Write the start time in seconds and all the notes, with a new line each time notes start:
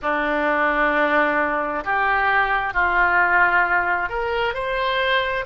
0.02 D4
1.84 G4
2.73 F4
4.09 A#4
4.53 C5